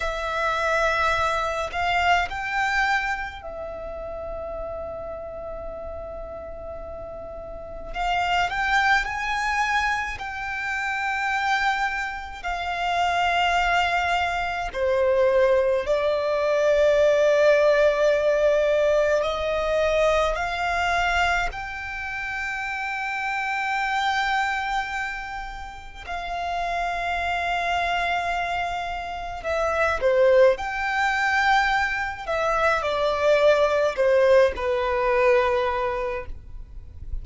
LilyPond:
\new Staff \with { instrumentName = "violin" } { \time 4/4 \tempo 4 = 53 e''4. f''8 g''4 e''4~ | e''2. f''8 g''8 | gis''4 g''2 f''4~ | f''4 c''4 d''2~ |
d''4 dis''4 f''4 g''4~ | g''2. f''4~ | f''2 e''8 c''8 g''4~ | g''8 e''8 d''4 c''8 b'4. | }